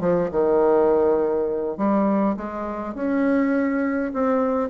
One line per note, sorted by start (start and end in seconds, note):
0.00 0.29 F3
0.31 1.77 D#3
1.77 2.36 G3
2.36 2.94 G#3
2.94 4.12 C#4
4.13 4.69 C4